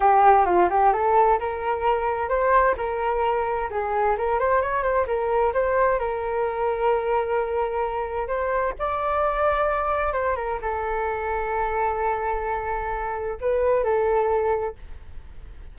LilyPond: \new Staff \with { instrumentName = "flute" } { \time 4/4 \tempo 4 = 130 g'4 f'8 g'8 a'4 ais'4~ | ais'4 c''4 ais'2 | gis'4 ais'8 c''8 cis''8 c''8 ais'4 | c''4 ais'2.~ |
ais'2 c''4 d''4~ | d''2 c''8 ais'8 a'4~ | a'1~ | a'4 b'4 a'2 | }